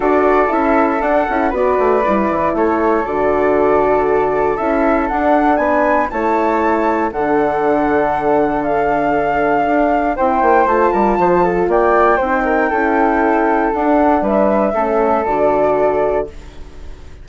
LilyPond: <<
  \new Staff \with { instrumentName = "flute" } { \time 4/4 \tempo 4 = 118 d''4 e''4 fis''4 d''4~ | d''4 cis''4 d''2~ | d''4 e''4 fis''4 gis''4 | a''2 fis''2~ |
fis''4 f''2. | g''4 a''2 g''4~ | g''2. fis''4 | e''2 d''2 | }
  \new Staff \with { instrumentName = "flute" } { \time 4/4 a'2. b'4~ | b'4 a'2.~ | a'2. b'4 | cis''2 a'2~ |
a'1 | c''4. ais'8 c''8 a'8 d''4 | c''8 ais'8 a'2. | b'4 a'2. | }
  \new Staff \with { instrumentName = "horn" } { \time 4/4 fis'4 e'4 d'8 e'8 fis'4 | e'2 fis'2~ | fis'4 e'4 d'2 | e'2 d'2~ |
d'1 | e'4 f'2. | dis'4 e'2 d'4~ | d'4 cis'4 fis'2 | }
  \new Staff \with { instrumentName = "bassoon" } { \time 4/4 d'4 cis'4 d'8 cis'8 b8 a8 | g8 e8 a4 d2~ | d4 cis'4 d'4 b4 | a2 d2~ |
d2. d'4 | c'8 ais8 a8 g8 f4 ais4 | c'4 cis'2 d'4 | g4 a4 d2 | }
>>